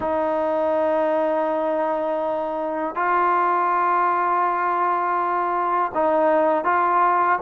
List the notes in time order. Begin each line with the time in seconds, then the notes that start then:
0.00 D#4
2.95 F4
5.94 D#4
6.64 F4